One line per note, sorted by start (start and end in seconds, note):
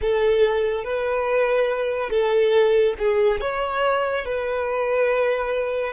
0.01 0.83 A4
0.83 2.09 B4
2.09 2.94 A4
2.98 3.40 G#4
3.40 4.25 C#5
4.25 5.93 B4